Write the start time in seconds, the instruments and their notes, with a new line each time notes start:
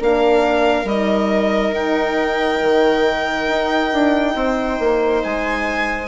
0.00 bassoon A#3, horn D4, viola A#4, violin F5
0.84 bassoon G3, horn D#4, violin D#5
1.72 bassoon D#4, violin G5
2.62 bassoon D#3
3.48 bassoon D#4
3.93 bassoon D4
4.35 bassoon C4, viola C5
4.80 bassoon A#3
5.24 bassoon G#3, violin G#5